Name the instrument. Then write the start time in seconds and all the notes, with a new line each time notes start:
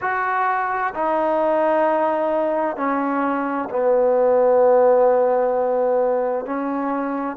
trombone
0.01 F#4
0.94 D#4
2.76 C#4
3.69 B3
6.45 C#4